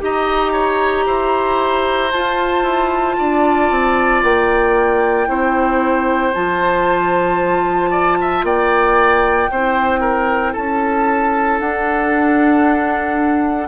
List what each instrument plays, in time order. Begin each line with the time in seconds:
0.00 bassoon D#4, clarinet G4, oboe D#5, flute A#5
0.53 oboe C#5
1.06 bassoon E4, oboe C5
2.12 clarinet F4, bassoon F4, flute A5
2.63 bassoon E4
3.19 bassoon D4, oboe D5
3.71 bassoon C4
4.23 bassoon A#3, flute G5
5.27 bassoon C4, clarinet E4, oboe C5
6.34 bassoon F3, clarinet F4, flute A5
7.91 oboe D5
8.21 oboe E5
8.43 bassoon A#3, oboe D5, flute G5
9.50 bassoon C4, clarinet E4, oboe C5
10.01 oboe A#4
10.53 bassoon C#4, oboe A4, flute A5
11.60 clarinet D4, bassoon D4, flute F#5